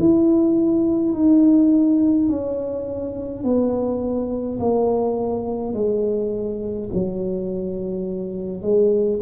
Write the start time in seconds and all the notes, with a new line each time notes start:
0.00 E4
1.14 D#4
2.30 C#4
3.44 B3
4.60 A#3
5.74 G#3
6.94 F#3
8.63 G#3